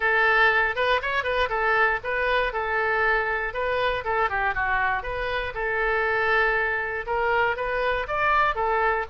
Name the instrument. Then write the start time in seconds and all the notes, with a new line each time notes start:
oboe
0.00 A4
0.75 B4
1.02 C#5
1.23 B4
1.49 A4
2.03 B4
2.53 A4
3.53 B4
4.04 A4
4.29 G4
4.54 F#4
5.02 B4
5.54 A4
7.06 A#4
7.56 B4
8.07 D5
8.55 A4